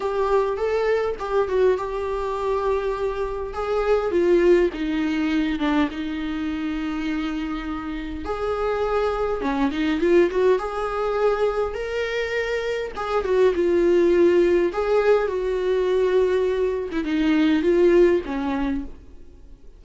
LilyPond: \new Staff \with { instrumentName = "viola" } { \time 4/4 \tempo 4 = 102 g'4 a'4 g'8 fis'8 g'4~ | g'2 gis'4 f'4 | dis'4. d'8 dis'2~ | dis'2 gis'2 |
cis'8 dis'8 f'8 fis'8 gis'2 | ais'2 gis'8 fis'8 f'4~ | f'4 gis'4 fis'2~ | fis'8. e'16 dis'4 f'4 cis'4 | }